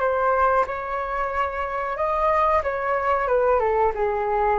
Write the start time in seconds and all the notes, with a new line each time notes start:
0.00 C5
0.67 C#5
1.97 D#5
2.64 C#5
3.28 B4
3.60 A4
3.95 G#4